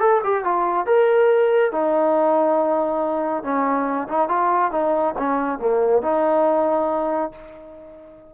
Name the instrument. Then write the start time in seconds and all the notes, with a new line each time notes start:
trombone
0.00 A4
0.24 G4
0.45 F4
0.87 A#4
1.72 D#4
3.44 C#4
4.08 D#4
4.29 F4
4.72 D#4
5.19 C#4
5.59 A#3
6.02 D#4